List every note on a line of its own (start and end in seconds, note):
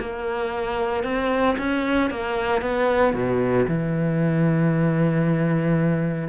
0.00 1.04 A#3
1.04 1.56 C4
1.58 2.10 C#4
2.11 2.62 A#3
2.62 3.13 B3
3.13 3.66 B2
3.68 6.28 E3